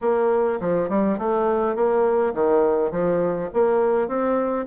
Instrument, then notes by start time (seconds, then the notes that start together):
bassoon
0.01 A#3
0.60 F3
0.89 G3
1.18 A3
1.75 A#3
2.34 D#3
2.91 F3
3.53 A#3
4.08 C4